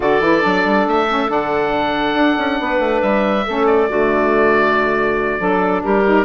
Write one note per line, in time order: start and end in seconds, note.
0.00 0.20 D3
0.00 0.21 F#4
0.00 2.58 A4
0.00 0.87 D5
0.20 0.42 E3
0.20 0.41 E4
0.41 0.65 F#3
0.41 1.06 D4
0.65 0.87 G3
0.87 1.29 A3
0.87 1.31 E5
1.08 1.27 C#4
1.27 2.14 D3
1.27 3.43 D4
1.27 3.02 F#5
2.14 2.36 D4
2.37 2.59 C#4
2.60 2.79 B3
2.60 3.46 B4
2.79 3.00 A3
3.02 3.45 G3
3.02 3.66 E5
3.46 3.89 A3
3.46 3.89 C#4
3.46 3.89 A4
3.66 5.82 D5
3.89 5.39 D3
3.89 5.38 A3
3.89 5.39 F#4
5.38 5.82 F#3
5.38 6.03 D4
5.38 5.83 A4
5.83 6.25 G3
5.83 6.25 G4
5.83 6.25 A#4
6.05 6.25 D#4